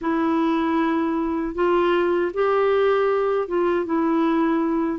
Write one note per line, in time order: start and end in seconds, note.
0.01 1.54 E4
1.54 2.31 F4
2.33 3.48 G4
3.48 3.85 F4
3.85 4.99 E4